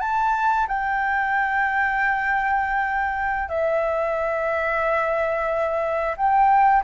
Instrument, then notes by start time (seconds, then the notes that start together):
flute
0.00 A5
0.68 G5
3.49 E5
6.17 G5